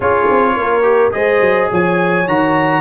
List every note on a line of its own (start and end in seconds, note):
0.00 0.26 C#4
0.00 0.82 F4
0.00 0.54 G#4
0.00 1.12 C#5
0.30 0.56 C4
0.56 1.13 A#3
0.56 1.13 A#4
0.82 1.10 G4
1.11 1.40 G#3
1.11 2.24 G#4
1.11 1.70 C5
1.11 1.69 D#5
1.40 1.69 F#3
1.71 2.27 F3
1.71 2.80 C#5
1.71 2.27 G#5
2.27 2.80 D#3
2.27 2.80 F#4
2.27 2.80 A#5